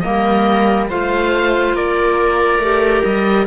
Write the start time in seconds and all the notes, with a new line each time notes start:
0.00 A#3 A#4 D#5
0.06 G3
0.90 A3 F4 C5 F5
1.74 A#3 A#4 D5
2.59 A3 G4
3.04 G3 D#5